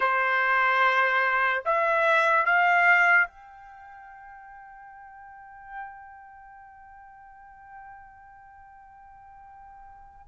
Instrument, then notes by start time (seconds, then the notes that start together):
trumpet
0.00 C5
1.65 E5
2.45 F5
3.27 G5